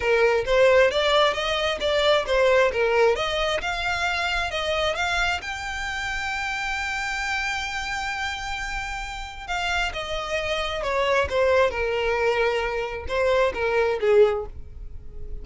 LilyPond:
\new Staff \with { instrumentName = "violin" } { \time 4/4 \tempo 4 = 133 ais'4 c''4 d''4 dis''4 | d''4 c''4 ais'4 dis''4 | f''2 dis''4 f''4 | g''1~ |
g''1~ | g''4 f''4 dis''2 | cis''4 c''4 ais'2~ | ais'4 c''4 ais'4 gis'4 | }